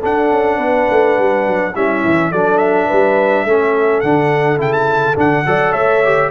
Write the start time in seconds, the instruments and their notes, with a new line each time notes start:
0.00 trombone D4, tuba D4, horn A4, trumpet F#5
0.31 tuba C#4
0.57 tuba B3, horn B4
0.90 tuba A3
1.18 tuba G3
1.47 tuba F#3
1.74 tuba G3, trombone C#4, horn E4, trumpet E5
2.04 tuba E3
2.31 tuba F#3, trombone D4, horn A4, trumpet D5
2.58 trumpet E5
2.86 tuba G3, horn B4
3.44 tuba A3, trombone C#4, horn A4
4.00 tuba D3, trombone D4, trumpet F#5
4.57 tuba C#3, trombone E4, trumpet G5
4.72 trumpet A5
5.16 tuba D3, trombone D4, trumpet F#5
5.46 tuba F#3, trombone A4, horn D5
5.72 tuba A3, horn C#5, trumpet E5
6.04 trombone G4